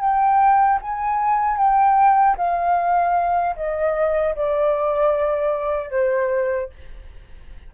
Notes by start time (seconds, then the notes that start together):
0.00 G5
0.81 G#5
1.57 G5
2.37 F5
3.56 D#5
4.35 D5
5.90 C5